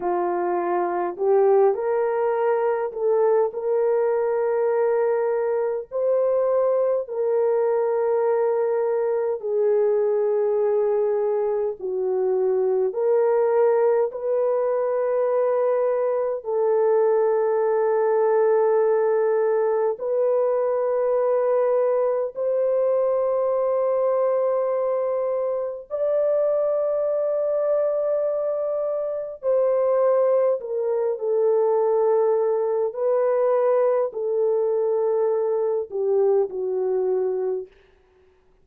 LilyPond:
\new Staff \with { instrumentName = "horn" } { \time 4/4 \tempo 4 = 51 f'4 g'8 ais'4 a'8 ais'4~ | ais'4 c''4 ais'2 | gis'2 fis'4 ais'4 | b'2 a'2~ |
a'4 b'2 c''4~ | c''2 d''2~ | d''4 c''4 ais'8 a'4. | b'4 a'4. g'8 fis'4 | }